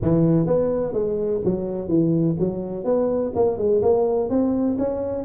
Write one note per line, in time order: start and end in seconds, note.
0.02 0.46 E3
0.46 0.93 B3
0.93 1.40 G#3
1.44 1.88 F#3
1.88 2.36 E3
2.39 2.84 F#3
2.84 3.32 B3
3.35 3.57 A#3
3.57 3.81 G#3
3.82 4.29 A#3
4.29 4.77 C4
4.78 5.24 C#4